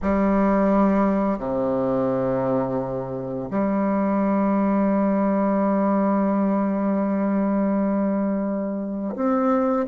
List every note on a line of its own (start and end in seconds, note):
0.02 1.38 G3
1.38 3.50 C3
3.50 9.14 G3
9.15 9.86 C4